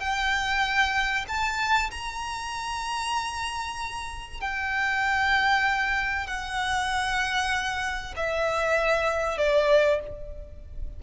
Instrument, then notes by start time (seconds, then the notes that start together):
violin
0.00 G5
1.28 A5
1.91 A#5
4.41 G5
6.27 F#5
8.16 E5
9.38 D5